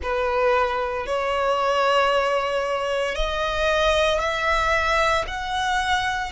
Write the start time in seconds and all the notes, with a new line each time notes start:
0.02 B4
1.06 C#5
3.15 D#5
4.19 E5
5.27 F#5